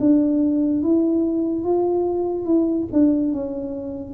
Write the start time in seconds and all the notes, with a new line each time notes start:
0.00 D4
0.83 E4
1.64 F4
2.45 E4
2.92 D4
3.33 C#4